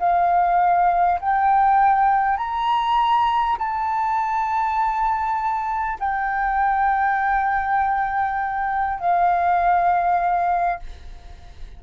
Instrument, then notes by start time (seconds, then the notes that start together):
flute
0.00 F5
1.21 G5
2.37 A#5
3.58 A5
6.00 G5
9.00 F5